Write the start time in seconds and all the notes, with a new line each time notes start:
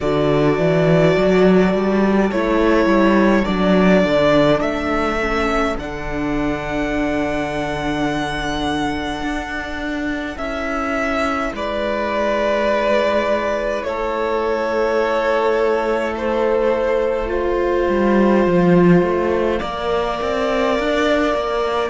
0.00 D3 F#4 A4 D5
0.58 E3
1.16 F#3
1.73 G3
2.31 A3 E4 C#5
2.85 G3
3.45 F#3 D4 D5
4.04 D3
4.60 A3 E5
5.20 C#4
5.78 D3 D4 F#5
9.21 D4
10.37 C#4 E4 E5
11.53 G#3 B4 D5
13.83 A3 A4 C#5
16.16 C5
17.26 F4 C5 F5
17.88 G3
18.46 F3
19.02 A3
19.59 A#3 A#4 D5
20.21 C4
20.79 D4
21.34 A#3